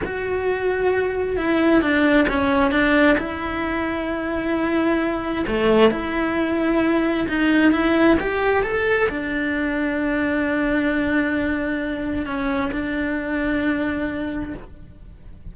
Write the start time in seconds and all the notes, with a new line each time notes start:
0.04 F#4
1.37 E4
1.81 D4
2.28 C#4
2.71 D4
3.18 E4
5.47 A3
5.90 E4
7.28 D#4
7.72 E4
8.20 G4
8.63 A4
9.09 D4
12.25 C#4
12.71 D4